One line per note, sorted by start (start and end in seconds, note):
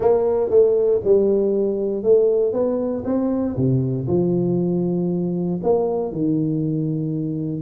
0.00 0.49 A#3
0.49 1.00 A3
1.04 2.03 G3
2.03 2.53 A3
2.53 3.03 B3
3.04 3.55 C4
3.56 4.07 C3
4.07 5.60 F3
5.63 6.12 A#3
6.12 7.62 D#3